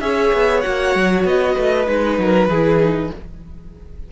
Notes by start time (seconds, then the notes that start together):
0.00 C#4 G#4 C#5 E5
0.33 B3
0.61 A#3 F#4 F#5
0.95 F#3
1.24 B3 D#5
1.54 A3 B4
1.86 G#3 D#4 B4
2.19 F#3 A#4
2.48 E3 E4 G#4
2.80 D#4